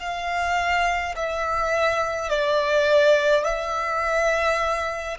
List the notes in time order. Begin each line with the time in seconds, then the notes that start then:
0.00 F5
1.16 E5
2.29 D5
3.44 E5